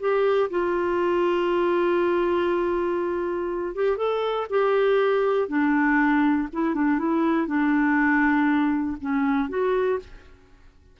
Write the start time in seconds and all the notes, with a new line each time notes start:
0.00 G4
0.50 F4
3.75 G4
3.97 A4
4.50 G4
5.48 D4
6.53 E4
6.75 D4
6.99 E4
7.47 D4
9.01 C#4
9.49 F#4